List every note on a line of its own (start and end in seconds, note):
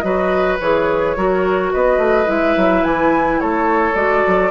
0.00 0.59 F#3
0.00 0.58 F#4
0.00 1.16 B4
0.00 0.56 D#5
0.60 1.16 E3
0.60 1.17 G#4
0.60 1.72 C#5
1.16 1.72 F#3
1.16 2.25 F#4
1.16 1.73 A#4
1.73 1.98 B3
1.73 3.40 B4
1.73 2.29 D#5
1.98 2.26 A3
2.25 2.56 G#3
2.25 3.93 E4
2.25 2.84 E5
2.56 2.84 F#3
2.84 3.41 E3
2.84 3.40 G#5
3.40 3.95 A3
3.40 4.51 A4
3.40 3.95 C#5
3.94 4.23 G#3
3.94 4.50 F#4
3.94 4.51 D5
4.27 4.51 F#3